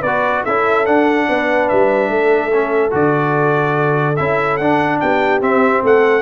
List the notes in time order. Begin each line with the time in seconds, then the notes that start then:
0.00 B3 B4 D5
0.06 F#4
0.43 C#4 E4 A4 E5
0.86 D4 F#5
1.29 B3 B4
1.69 G3 E5
2.09 A3 A4
2.53 C#4
2.91 D3 F#4 D5
4.16 C#4 E4 E5
4.57 D4 F#5
5.00 B3 G4 G5
5.41 C4 E5
5.84 A3 A4 F#5